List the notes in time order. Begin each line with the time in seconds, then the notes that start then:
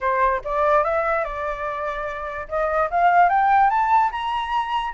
0.00 C5
0.44 D5
0.83 E5
1.24 D5
2.48 D#5
2.90 F5
3.29 G5
3.69 A5
4.11 A#5